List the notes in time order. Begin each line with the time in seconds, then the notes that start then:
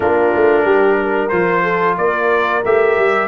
0.00 A#3 D4 F4 A#4
0.35 A3
0.63 G3 G4
1.01 A#4
1.29 F3 F4 C5
1.62 A4
1.97 A#3 A#4 D5
2.65 A3 G4 E5
2.97 G3